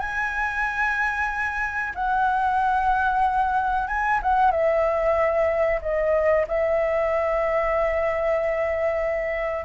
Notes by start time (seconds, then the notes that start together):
0.00 G#5
1.95 F#5
3.88 G#5
4.23 F#5
4.52 E5
5.82 D#5
6.48 E5